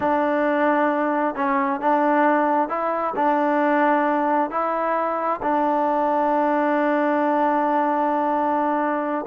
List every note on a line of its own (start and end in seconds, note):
0.00 1.35 D4
1.35 1.80 C#4
1.80 2.68 D4
2.68 3.14 E4
3.15 4.50 D4
4.50 5.40 E4
5.42 9.25 D4